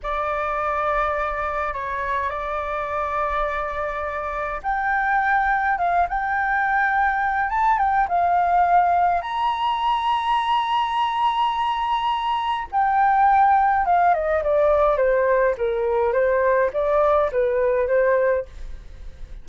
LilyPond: \new Staff \with { instrumentName = "flute" } { \time 4/4 \tempo 4 = 104 d''2. cis''4 | d''1 | g''2 f''8 g''4.~ | g''4 a''8 g''8 f''2 |
ais''1~ | ais''2 g''2 | f''8 dis''8 d''4 c''4 ais'4 | c''4 d''4 b'4 c''4 | }